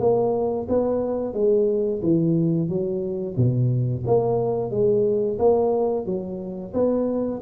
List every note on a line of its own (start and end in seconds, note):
0.00 0.67 A#3
0.69 1.34 B3
1.34 2.01 G#3
2.03 2.69 E3
2.69 3.36 F#3
3.37 4.04 B2
4.07 4.71 A#3
4.71 5.38 G#3
5.39 6.06 A#3
6.06 6.73 F#3
6.74 7.41 B3